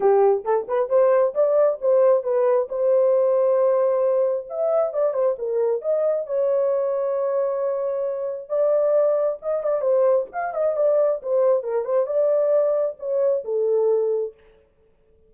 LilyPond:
\new Staff \with { instrumentName = "horn" } { \time 4/4 \tempo 4 = 134 g'4 a'8 b'8 c''4 d''4 | c''4 b'4 c''2~ | c''2 e''4 d''8 c''8 | ais'4 dis''4 cis''2~ |
cis''2. d''4~ | d''4 dis''8 d''8 c''4 f''8 dis''8 | d''4 c''4 ais'8 c''8 d''4~ | d''4 cis''4 a'2 | }